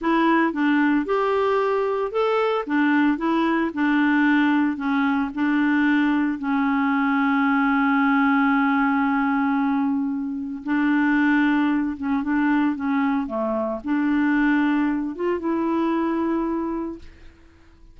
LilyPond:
\new Staff \with { instrumentName = "clarinet" } { \time 4/4 \tempo 4 = 113 e'4 d'4 g'2 | a'4 d'4 e'4 d'4~ | d'4 cis'4 d'2 | cis'1~ |
cis'1 | d'2~ d'8 cis'8 d'4 | cis'4 a4 d'2~ | d'8 f'8 e'2. | }